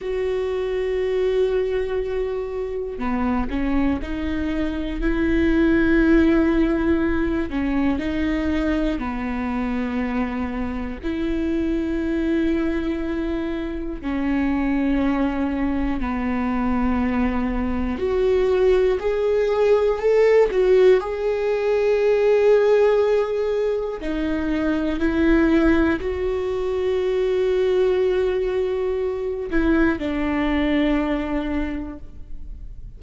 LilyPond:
\new Staff \with { instrumentName = "viola" } { \time 4/4 \tempo 4 = 60 fis'2. b8 cis'8 | dis'4 e'2~ e'8 cis'8 | dis'4 b2 e'4~ | e'2 cis'2 |
b2 fis'4 gis'4 | a'8 fis'8 gis'2. | dis'4 e'4 fis'2~ | fis'4. e'8 d'2 | }